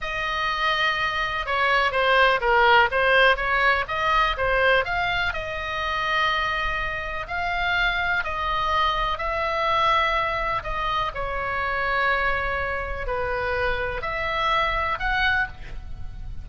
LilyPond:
\new Staff \with { instrumentName = "oboe" } { \time 4/4 \tempo 4 = 124 dis''2. cis''4 | c''4 ais'4 c''4 cis''4 | dis''4 c''4 f''4 dis''4~ | dis''2. f''4~ |
f''4 dis''2 e''4~ | e''2 dis''4 cis''4~ | cis''2. b'4~ | b'4 e''2 fis''4 | }